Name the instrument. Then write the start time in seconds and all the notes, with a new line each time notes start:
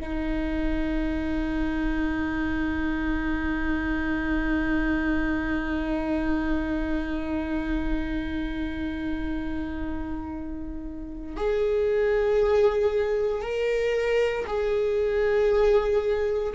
viola
0.00 D#4
11.37 G#4
13.42 A#4
14.47 G#4